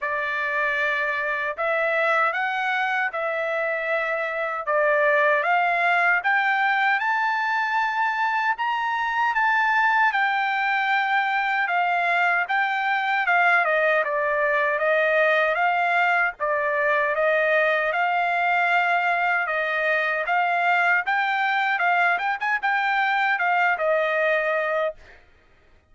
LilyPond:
\new Staff \with { instrumentName = "trumpet" } { \time 4/4 \tempo 4 = 77 d''2 e''4 fis''4 | e''2 d''4 f''4 | g''4 a''2 ais''4 | a''4 g''2 f''4 |
g''4 f''8 dis''8 d''4 dis''4 | f''4 d''4 dis''4 f''4~ | f''4 dis''4 f''4 g''4 | f''8 g''16 gis''16 g''4 f''8 dis''4. | }